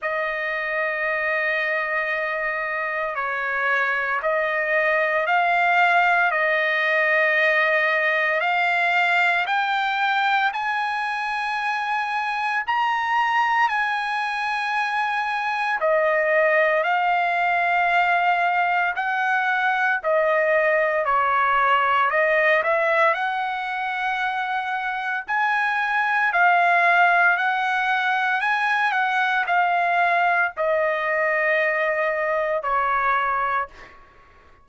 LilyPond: \new Staff \with { instrumentName = "trumpet" } { \time 4/4 \tempo 4 = 57 dis''2. cis''4 | dis''4 f''4 dis''2 | f''4 g''4 gis''2 | ais''4 gis''2 dis''4 |
f''2 fis''4 dis''4 | cis''4 dis''8 e''8 fis''2 | gis''4 f''4 fis''4 gis''8 fis''8 | f''4 dis''2 cis''4 | }